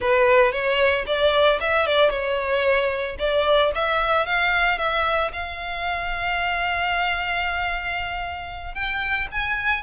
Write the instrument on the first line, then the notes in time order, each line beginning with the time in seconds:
violin
0.00 B4
0.52 C#5
1.06 D5
1.60 E5
1.86 D5
2.10 C#5
3.18 D5
3.74 E5
4.26 F5
4.78 E5
5.32 F5
8.74 G5
9.31 G#5